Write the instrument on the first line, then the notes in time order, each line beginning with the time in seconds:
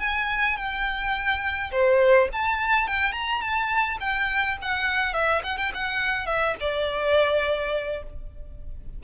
violin
0.00 G#5
0.57 G5
1.72 C5
2.33 A5
2.88 G5
3.13 A#5
3.41 A5
4.00 G5
4.62 F#5
5.14 E5
5.44 F#5
5.58 G5
5.75 F#5
6.26 E5
6.61 D5